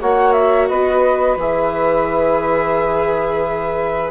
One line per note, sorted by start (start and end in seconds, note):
0.00 0.70 A#3
0.00 1.38 F#4
0.00 0.68 C#5
0.00 0.33 F#5
0.33 0.67 E5
0.68 1.37 B3
0.68 4.11 B4
0.68 1.37 D#5
1.37 4.11 E3
1.37 4.11 G#4
1.37 4.11 E5